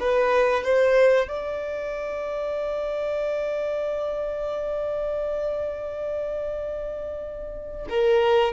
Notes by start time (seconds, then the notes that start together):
0.00 B4
0.64 C5
1.28 D5
7.89 A#4